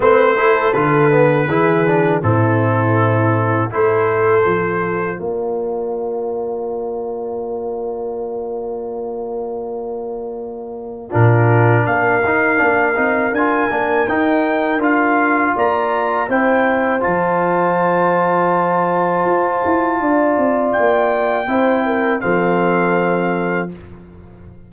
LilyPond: <<
  \new Staff \with { instrumentName = "trumpet" } { \time 4/4 \tempo 4 = 81 c''4 b'2 a'4~ | a'4 c''2 d''4~ | d''1~ | d''2. ais'4 |
f''2 gis''4 g''4 | f''4 ais''4 g''4 a''4~ | a''1 | g''2 f''2 | }
  \new Staff \with { instrumentName = "horn" } { \time 4/4 b'8 a'4. gis'4 e'4~ | e'4 a'2 ais'4~ | ais'1~ | ais'2. f'4 |
ais'1~ | ais'4 d''4 c''2~ | c''2. d''4~ | d''4 c''8 ais'8 a'2 | }
  \new Staff \with { instrumentName = "trombone" } { \time 4/4 c'8 e'8 f'8 b8 e'8 d'8 c'4~ | c'4 e'4 f'2~ | f'1~ | f'2. d'4~ |
d'8 dis'8 d'8 dis'8 f'8 d'8 dis'4 | f'2 e'4 f'4~ | f'1~ | f'4 e'4 c'2 | }
  \new Staff \with { instrumentName = "tuba" } { \time 4/4 a4 d4 e4 a,4~ | a,4 a4 f4 ais4~ | ais1~ | ais2. ais,4 |
ais8 dis'8 ais8 c'8 d'8 ais8 dis'4 | d'4 ais4 c'4 f4~ | f2 f'8 e'8 d'8 c'8 | ais4 c'4 f2 | }
>>